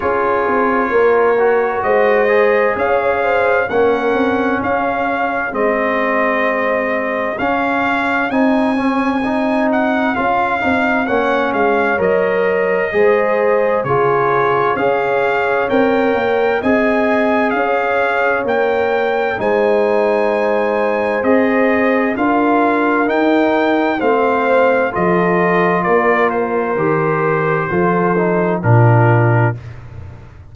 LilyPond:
<<
  \new Staff \with { instrumentName = "trumpet" } { \time 4/4 \tempo 4 = 65 cis''2 dis''4 f''4 | fis''4 f''4 dis''2 | f''4 gis''4. fis''8 f''4 | fis''8 f''8 dis''2 cis''4 |
f''4 g''4 gis''4 f''4 | g''4 gis''2 dis''4 | f''4 g''4 f''4 dis''4 | d''8 c''2~ c''8 ais'4 | }
  \new Staff \with { instrumentName = "horn" } { \time 4/4 gis'4 ais'4 c''4 cis''8 c''8 | ais'4 gis'2.~ | gis'1 | cis''2 c''4 gis'4 |
cis''2 dis''4 cis''4~ | cis''4 c''2. | ais'2 c''4 a'4 | ais'2 a'4 f'4 | }
  \new Staff \with { instrumentName = "trombone" } { \time 4/4 f'4. fis'4 gis'4. | cis'2 c'2 | cis'4 dis'8 cis'8 dis'4 f'8 dis'8 | cis'4 ais'4 gis'4 f'4 |
gis'4 ais'4 gis'2 | ais'4 dis'2 gis'4 | f'4 dis'4 c'4 f'4~ | f'4 g'4 f'8 dis'8 d'4 | }
  \new Staff \with { instrumentName = "tuba" } { \time 4/4 cis'8 c'8 ais4 gis4 cis'4 | ais8 c'8 cis'4 gis2 | cis'4 c'2 cis'8 c'8 | ais8 gis8 fis4 gis4 cis4 |
cis'4 c'8 ais8 c'4 cis'4 | ais4 gis2 c'4 | d'4 dis'4 a4 f4 | ais4 dis4 f4 ais,4 | }
>>